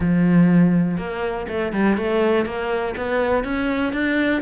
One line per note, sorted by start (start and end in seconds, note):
0.00 0.97 F3
0.97 1.46 A#3
1.48 1.72 A3
1.72 1.97 G3
1.97 2.45 A3
2.45 2.94 A#3
2.96 3.44 B3
3.44 3.92 C#4
3.92 4.41 D4